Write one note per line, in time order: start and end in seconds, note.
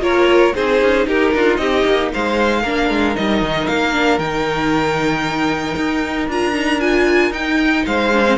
0.00 0.52 A#3
0.00 0.53 F4
0.00 0.54 A#4
0.00 0.55 C#5
0.54 0.82 C4
0.54 2.63 D#4
0.54 1.06 G#4
0.54 1.07 C5
0.82 1.07 C#4
1.07 1.33 D#4
1.07 1.34 G4
1.07 1.57 A#4
1.34 1.58 D4
1.34 1.60 F4
1.57 1.84 C4
1.57 2.12 G4
1.57 2.09 D#5
1.85 2.11 A#3
2.12 2.64 G#3
2.12 2.62 C5
2.12 3.16 F5
2.62 2.89 A#3
2.62 3.14 D4
2.62 7.83 A#4
2.89 3.15 G#3
3.14 3.41 G3
3.14 3.92 D#4
3.14 3.67 D#5
3.41 3.67 D#3
3.67 4.18 A#3
3.67 4.19 F5
3.92 4.18 D4
4.18 5.74 D#3
4.18 6.29 D#4
4.18 6.27 G5
5.76 6.28 D#4
6.28 7.30 D4
6.28 6.53 F4
6.28 6.80 A#5
6.53 6.79 D#4
6.80 7.32 F4
6.80 7.32 G#5
7.30 7.83 D#4
7.30 8.11 D#4
7.30 7.85 G5
7.86 8.37 G#3
7.86 8.37 C5
7.86 8.37 F5
8.13 8.25 D4
8.25 8.37 C4